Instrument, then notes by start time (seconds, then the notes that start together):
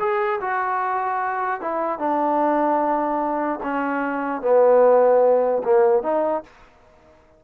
trombone
0.00 G#4
0.41 F#4
1.61 E4
1.99 D4
3.63 C#4
4.42 B3
5.64 A#3
6.03 D#4